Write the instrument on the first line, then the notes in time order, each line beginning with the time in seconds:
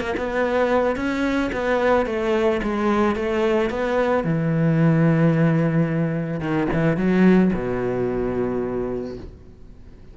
cello
0.00 A#3
0.17 B3
0.96 C#4
1.52 B3
2.06 A3
2.63 G#3
3.15 A3
3.70 B3
4.23 E3
6.40 D#3
6.73 E3
6.97 F#3
7.53 B2